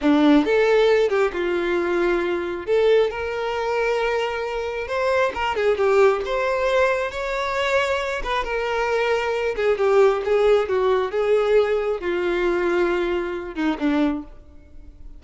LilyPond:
\new Staff \with { instrumentName = "violin" } { \time 4/4 \tempo 4 = 135 d'4 a'4. g'8 f'4~ | f'2 a'4 ais'4~ | ais'2. c''4 | ais'8 gis'8 g'4 c''2 |
cis''2~ cis''8 b'8 ais'4~ | ais'4. gis'8 g'4 gis'4 | fis'4 gis'2 f'4~ | f'2~ f'8 dis'8 d'4 | }